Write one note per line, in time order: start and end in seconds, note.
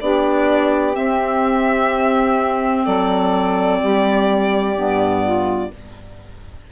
0.00 0.96 B3
0.00 0.93 D4
0.00 2.84 G4
0.00 0.95 D5
0.93 4.74 C4
0.93 2.86 C4
0.93 2.85 E5
2.84 3.81 F#3
2.84 3.79 A4
2.84 5.71 D5
3.80 4.76 G3
3.80 5.22 G4
4.75 5.71 G2
4.75 5.70 B3
5.22 5.70 F4